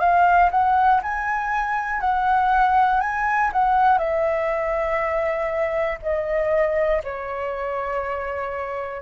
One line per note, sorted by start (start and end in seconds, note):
0.00 0.50 F5
0.52 1.02 F#5
1.03 2.01 G#5
2.01 3.01 F#5
3.01 3.51 G#5
3.53 3.99 F#5
3.99 5.99 E5
6.03 7.03 D#5
7.04 9.02 C#5